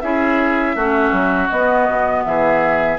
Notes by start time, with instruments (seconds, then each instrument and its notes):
0.00 bassoon C#4, clarinet E4, oboe G#4, flute E5
0.75 bassoon A3, clarinet C#4, oboe F#4
1.12 bassoon F#3
1.49 clarinet B3, bassoon B3, flute D#5
1.88 bassoon B2
2.24 bassoon E3, oboe G#4, flute E5